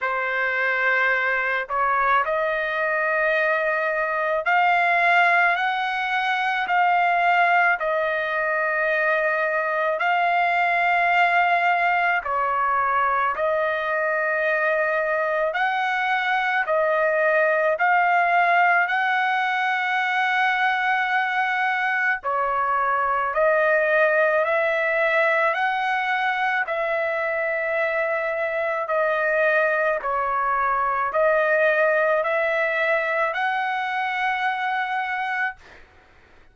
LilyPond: \new Staff \with { instrumentName = "trumpet" } { \time 4/4 \tempo 4 = 54 c''4. cis''8 dis''2 | f''4 fis''4 f''4 dis''4~ | dis''4 f''2 cis''4 | dis''2 fis''4 dis''4 |
f''4 fis''2. | cis''4 dis''4 e''4 fis''4 | e''2 dis''4 cis''4 | dis''4 e''4 fis''2 | }